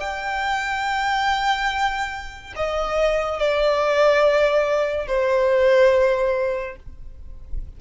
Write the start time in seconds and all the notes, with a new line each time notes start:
0.00 G5
2.56 D#5
3.39 D5
5.07 C5